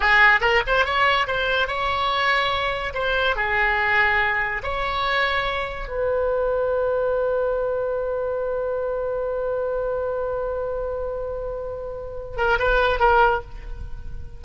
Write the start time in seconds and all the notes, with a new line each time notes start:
0.00 G#4
0.40 A#4
0.66 C5
0.85 C#5
1.27 C5
1.67 C#5
2.94 C5
3.36 G#4
4.63 C#5
5.87 B4
12.37 A#4
12.58 B4
12.99 A#4